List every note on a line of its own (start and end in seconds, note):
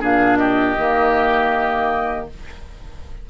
0.00 0.77 A#2
0.00 0.76 D4
0.00 0.38 G#4
0.00 0.37 F5
0.37 2.29 G4
0.37 2.26 D#5
0.77 2.29 D#3
0.77 2.30 A#3